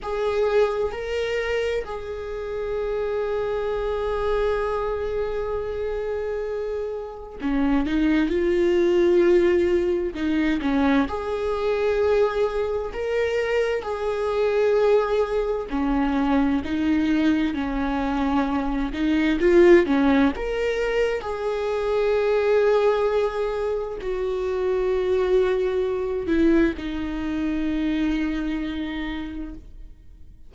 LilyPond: \new Staff \with { instrumentName = "viola" } { \time 4/4 \tempo 4 = 65 gis'4 ais'4 gis'2~ | gis'1 | cis'8 dis'8 f'2 dis'8 cis'8 | gis'2 ais'4 gis'4~ |
gis'4 cis'4 dis'4 cis'4~ | cis'8 dis'8 f'8 cis'8 ais'4 gis'4~ | gis'2 fis'2~ | fis'8 e'8 dis'2. | }